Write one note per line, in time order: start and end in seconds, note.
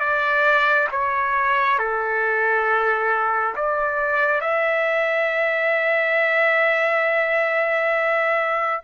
0.00 0.88 D5
0.91 1.79 C#5
1.79 3.55 A4
3.56 4.41 D5
4.41 8.82 E5